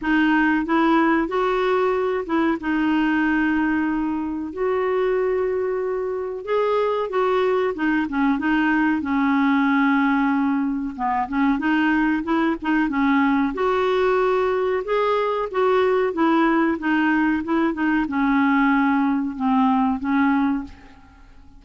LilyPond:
\new Staff \with { instrumentName = "clarinet" } { \time 4/4 \tempo 4 = 93 dis'4 e'4 fis'4. e'8 | dis'2. fis'4~ | fis'2 gis'4 fis'4 | dis'8 cis'8 dis'4 cis'2~ |
cis'4 b8 cis'8 dis'4 e'8 dis'8 | cis'4 fis'2 gis'4 | fis'4 e'4 dis'4 e'8 dis'8 | cis'2 c'4 cis'4 | }